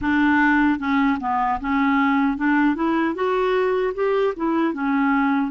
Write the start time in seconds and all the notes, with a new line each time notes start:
0.01 D4
0.79 C#4
1.19 B3
1.60 C#4
2.37 D4
2.75 E4
3.14 F#4
3.94 G4
4.36 E4
4.73 C#4